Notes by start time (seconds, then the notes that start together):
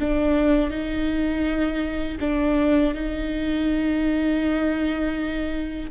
0.00 D4
0.71 D#4
2.21 D4
2.95 D#4